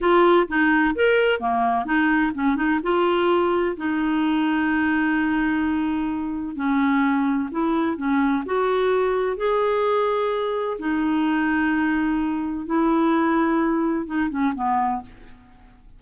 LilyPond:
\new Staff \with { instrumentName = "clarinet" } { \time 4/4 \tempo 4 = 128 f'4 dis'4 ais'4 ais4 | dis'4 cis'8 dis'8 f'2 | dis'1~ | dis'2 cis'2 |
e'4 cis'4 fis'2 | gis'2. dis'4~ | dis'2. e'4~ | e'2 dis'8 cis'8 b4 | }